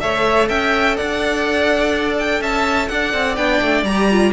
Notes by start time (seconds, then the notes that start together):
0.00 A3 A4 C#5 E5
0.48 C#4 E5 G5
0.96 D4 D5 F#5
2.19 G5
2.41 C#4 E5 A5
2.88 D4 D5 F#5
3.13 C4
3.36 B3 D4 G5
3.61 A3
3.83 G3 G4 A#5
4.11 F4